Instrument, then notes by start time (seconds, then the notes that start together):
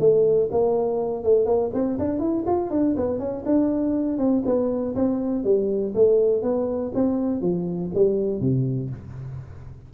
tuba
0.00 A3
0.51 A#3
1.24 A3
1.46 A#3
1.74 C4
1.99 D4
2.20 E4
2.47 F4
2.71 D4
2.97 B3
3.20 C#4
3.46 D4
4.18 C4
4.46 B3
4.95 C4
5.44 G3
5.95 A3
6.43 B3
6.95 C4
7.42 F3
7.95 G3
8.41 C3